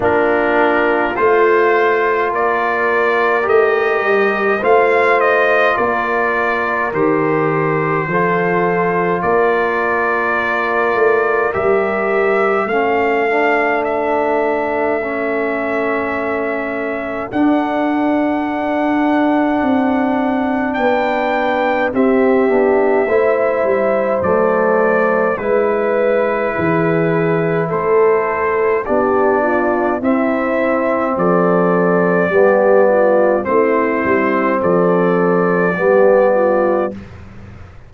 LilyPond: <<
  \new Staff \with { instrumentName = "trumpet" } { \time 4/4 \tempo 4 = 52 ais'4 c''4 d''4 dis''4 | f''8 dis''8 d''4 c''2 | d''2 e''4 f''4 | e''2. fis''4~ |
fis''2 g''4 e''4~ | e''4 d''4 b'2 | c''4 d''4 e''4 d''4~ | d''4 c''4 d''2 | }
  \new Staff \with { instrumentName = "horn" } { \time 4/4 f'2 ais'2 | c''4 ais'2 a'4 | ais'2. a'4~ | a'1~ |
a'2 b'4 g'4 | c''2 b'4 gis'4 | a'4 g'8 f'8 e'4 a'4 | g'8 f'8 e'4 a'4 g'8 f'8 | }
  \new Staff \with { instrumentName = "trombone" } { \time 4/4 d'4 f'2 g'4 | f'2 g'4 f'4~ | f'2 g'4 cis'8 d'8~ | d'4 cis'2 d'4~ |
d'2. c'8 d'8 | e'4 a4 e'2~ | e'4 d'4 c'2 | b4 c'2 b4 | }
  \new Staff \with { instrumentName = "tuba" } { \time 4/4 ais4 a4 ais4 a8 g8 | a4 ais4 dis4 f4 | ais4. a8 g4 a4~ | a2. d'4~ |
d'4 c'4 b4 c'8 b8 | a8 g8 fis4 gis4 e4 | a4 b4 c'4 f4 | g4 a8 g8 f4 g4 | }
>>